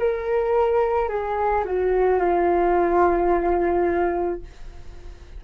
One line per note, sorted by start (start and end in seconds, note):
0.00 1.09 A#4
1.09 1.65 G#4
1.65 2.20 F#4
2.20 4.42 F4